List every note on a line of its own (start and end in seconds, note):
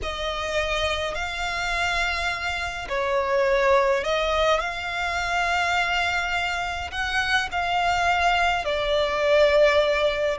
0.02 1.14 D#5
1.14 2.87 F5
2.88 4.04 C#5
4.04 4.60 D#5
4.60 6.90 F5
6.91 7.48 F#5
7.51 8.64 F5
8.64 10.37 D5